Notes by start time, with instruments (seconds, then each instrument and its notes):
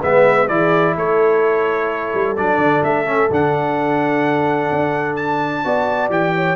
0.00 tuba G#3, trombone B3, horn B4, trumpet E5
0.48 tuba E3, trombone E4, horn G#4, trumpet D5
0.96 tuba A3, horn A4, trumpet C#5
2.14 tuba G3
2.37 tuba F#3, trombone D4, trumpet D5
2.58 tuba D3
2.84 tuba A3, trumpet E5
3.06 trombone C#4
3.31 tuba D3, trombone D4, trumpet F#5
4.72 tuba D4
5.16 trumpet A5
5.64 tuba B3, trombone F#4, horn D5
6.09 tuba E3, trombone G4, trumpet G5
6.35 horn C#5